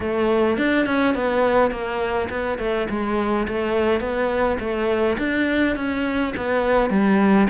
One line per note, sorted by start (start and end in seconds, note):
0.00 0.57 A3
0.57 0.86 D4
0.86 1.14 C#4
1.14 1.71 B3
1.71 2.28 A#3
2.29 2.58 B3
2.58 2.87 A3
2.89 3.47 G#3
3.48 4.00 A3
4.00 4.58 B3
4.59 5.17 A3
5.18 5.76 D4
5.76 6.33 C#4
6.36 6.89 B3
6.89 7.47 G3